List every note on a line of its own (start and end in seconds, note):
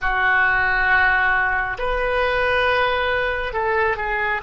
0.01 1.77 F#4
1.78 3.53 B4
3.53 3.97 A4
3.97 4.41 G#4